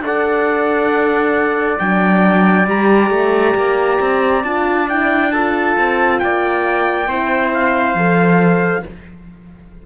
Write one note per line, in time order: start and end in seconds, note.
0.00 1.76 D4
0.00 1.80 A4
0.00 1.78 F#5
0.06 5.33 D5
1.78 2.67 F#3
1.78 2.67 D4
1.78 2.67 G5
2.67 3.10 G3
2.67 4.44 G4
2.67 4.44 A#5
3.10 3.54 A3
3.55 3.99 A#3
4.00 4.44 C4
4.44 5.76 D4
4.44 4.88 F4
4.44 4.88 A5
4.88 5.32 E4
4.88 5.32 G5
5.32 7.08 F4
5.32 6.21 A4
5.32 6.19 A5
5.77 6.22 C4
6.19 7.08 A#3
6.19 7.08 D5
6.19 7.51 G5
7.08 7.95 C4
7.08 7.97 E4
7.08 8.85 C5
7.54 8.86 F5
7.95 8.83 F3
7.95 8.85 A4